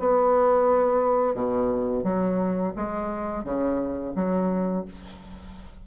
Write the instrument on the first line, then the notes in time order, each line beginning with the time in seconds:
bassoon
0.00 B3
1.34 B2
2.04 F#3
2.76 G#3
3.44 C#3
4.15 F#3